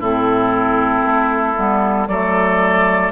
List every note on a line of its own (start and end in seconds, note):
0.00 1.03 A2
0.00 1.56 C4
0.00 2.08 E4
0.00 2.08 A4
1.03 1.55 A3
1.56 2.08 G3
1.56 2.08 B3
2.08 3.12 F#3
2.08 3.12 A3
2.08 3.12 A4
2.08 3.12 D5